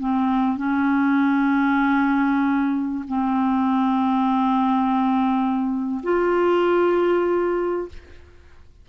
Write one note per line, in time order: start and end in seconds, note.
0.00 0.57 C4
0.57 3.04 C#4
3.08 6.02 C4
6.03 7.89 F4